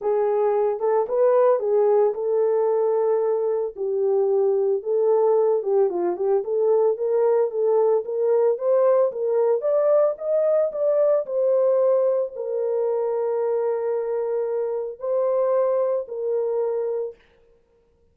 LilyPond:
\new Staff \with { instrumentName = "horn" } { \time 4/4 \tempo 4 = 112 gis'4. a'8 b'4 gis'4 | a'2. g'4~ | g'4 a'4. g'8 f'8 g'8 | a'4 ais'4 a'4 ais'4 |
c''4 ais'4 d''4 dis''4 | d''4 c''2 ais'4~ | ais'1 | c''2 ais'2 | }